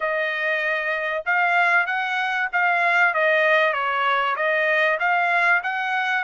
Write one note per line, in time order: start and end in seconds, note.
0.00 1.24 D#5
1.25 1.86 F5
1.86 2.48 F#5
2.52 3.13 F5
3.13 3.73 D#5
3.73 4.35 C#5
4.36 4.98 D#5
4.99 5.62 F5
5.63 6.24 F#5